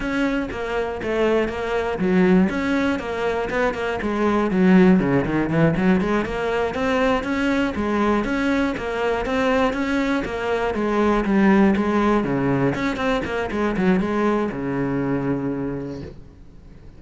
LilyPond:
\new Staff \with { instrumentName = "cello" } { \time 4/4 \tempo 4 = 120 cis'4 ais4 a4 ais4 | fis4 cis'4 ais4 b8 ais8 | gis4 fis4 cis8 dis8 e8 fis8 | gis8 ais4 c'4 cis'4 gis8~ |
gis8 cis'4 ais4 c'4 cis'8~ | cis'8 ais4 gis4 g4 gis8~ | gis8 cis4 cis'8 c'8 ais8 gis8 fis8 | gis4 cis2. | }